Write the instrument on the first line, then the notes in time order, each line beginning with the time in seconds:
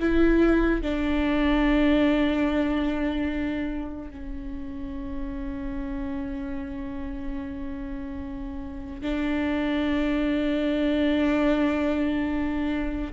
viola
0.00 E4
0.83 D4
4.11 C#4
9.02 D4